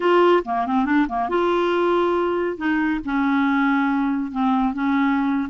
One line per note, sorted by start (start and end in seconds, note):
0.00 0.43 F4
0.44 0.66 A#3
0.66 0.85 C4
0.85 1.06 D4
1.08 1.29 A#3
1.29 2.57 F4
2.57 3.00 D#4
3.04 4.31 C#4
4.31 4.73 C4
4.73 5.49 C#4